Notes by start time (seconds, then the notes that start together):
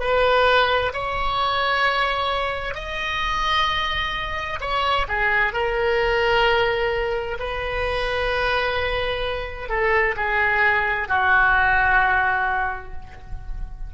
0.00 B4
0.93 C#5
2.75 D#5
4.60 C#5
5.08 G#4
5.53 A#4
7.39 B4
9.69 A4
10.16 G#4
11.08 F#4